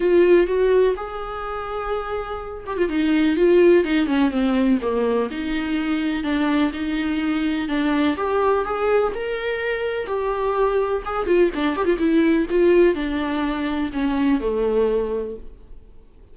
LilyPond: \new Staff \with { instrumentName = "viola" } { \time 4/4 \tempo 4 = 125 f'4 fis'4 gis'2~ | gis'4. g'16 f'16 dis'4 f'4 | dis'8 cis'8 c'4 ais4 dis'4~ | dis'4 d'4 dis'2 |
d'4 g'4 gis'4 ais'4~ | ais'4 g'2 gis'8 f'8 | d'8 g'16 f'16 e'4 f'4 d'4~ | d'4 cis'4 a2 | }